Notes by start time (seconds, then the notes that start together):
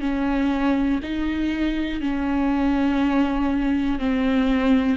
0.00 C#4
1.03 D#4
2.01 C#4
3.99 C4